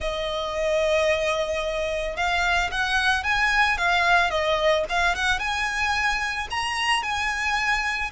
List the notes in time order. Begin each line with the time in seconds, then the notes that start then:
0.00 D#5
2.16 F5
2.71 F#5
3.23 G#5
3.77 F5
4.30 D#5
4.89 F5
5.15 F#5
5.39 G#5
6.50 A#5
7.02 G#5